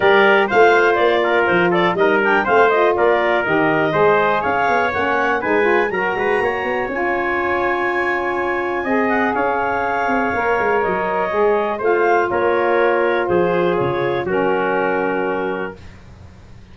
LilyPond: <<
  \new Staff \with { instrumentName = "clarinet" } { \time 4/4 \tempo 4 = 122 d''4 f''4 d''4 c''8 d''8 | dis''8 g''8 f''8 dis''8 d''4 dis''4~ | dis''4 f''4 fis''4 gis''4 | ais''2 gis''2~ |
gis''2~ gis''8 fis''8 f''4~ | f''2 dis''2 | f''4 cis''2 c''4 | cis''4 ais'2. | }
  \new Staff \with { instrumentName = "trumpet" } { \time 4/4 ais'4 c''4. ais'4 a'8 | ais'4 c''4 ais'2 | c''4 cis''2 b'4 | ais'8 b'8 cis''2.~ |
cis''2 dis''4 cis''4~ | cis''1 | c''4 ais'2 gis'4~ | gis'4 fis'2. | }
  \new Staff \with { instrumentName = "saxophone" } { \time 4/4 g'4 f'2. | dis'8 d'8 c'8 f'4. g'4 | gis'2 cis'4 dis'8 f'8 | fis'2 f'2~ |
f'2 gis'2~ | gis'4 ais'2 gis'4 | f'1~ | f'4 cis'2. | }
  \new Staff \with { instrumentName = "tuba" } { \time 4/4 g4 a4 ais4 f4 | g4 a4 ais4 dis4 | gis4 cis'8 b8 ais4 gis4 | fis8 gis8 ais8 b8 cis'2~ |
cis'2 c'4 cis'4~ | cis'8 c'8 ais8 gis8 fis4 gis4 | a4 ais2 f4 | cis4 fis2. | }
>>